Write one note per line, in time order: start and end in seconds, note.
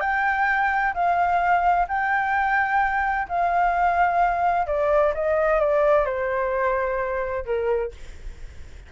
0.00 0.93 G5
0.93 1.86 F5
1.88 3.27 G5
3.28 4.66 F5
4.66 5.13 D5
5.14 5.60 D#5
5.60 6.05 D5
6.05 7.44 C5
7.45 7.91 A#4